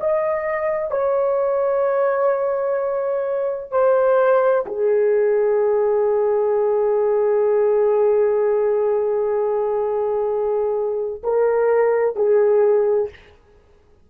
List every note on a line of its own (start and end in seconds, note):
0.00 0.91 D#5
0.91 3.72 C#5
3.72 4.65 C5
4.66 11.22 G#4
11.24 12.16 A#4
12.16 13.10 G#4